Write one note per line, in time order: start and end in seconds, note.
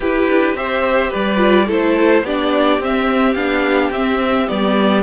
0.00 0.26 E4
0.00 0.57 E4
0.00 0.56 G4
0.00 0.56 B4
0.28 0.54 D4
0.54 1.10 C4
0.54 1.36 G4
0.54 1.10 C5
0.54 1.12 E5
1.10 1.69 G3
1.10 1.66 B4
1.10 1.69 D5
1.36 1.64 F4
1.67 2.22 A3
1.67 2.24 E4
1.67 2.23 A4
1.67 2.25 C5
2.22 2.78 B3
2.22 2.80 D4
2.22 5.02 G4
2.22 2.81 D5
2.79 3.35 C4
2.79 3.36 C4
2.79 3.34 E5
3.34 3.89 B3
3.34 3.92 D4
3.34 3.90 F5
3.89 4.46 C4
3.89 4.47 C4
3.89 4.48 E5
4.47 5.02 G3
4.47 5.02 B3
4.47 5.02 D5